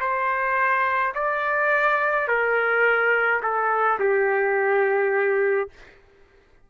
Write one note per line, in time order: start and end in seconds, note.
0.00 1.13 C5
1.15 2.28 D5
2.28 3.41 A#4
3.43 3.99 A4
3.99 5.69 G4